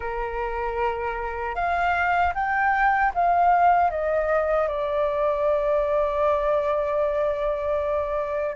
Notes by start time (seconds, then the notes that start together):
0.00 A#4
1.55 F5
2.34 G5
3.14 F5
3.90 D#5
4.68 D5